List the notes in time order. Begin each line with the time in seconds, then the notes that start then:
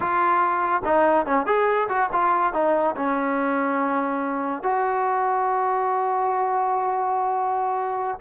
0.00 F4
0.84 D#4
1.26 C#4
1.46 G#4
1.88 F#4
2.12 F4
2.53 D#4
2.96 C#4
4.62 F#4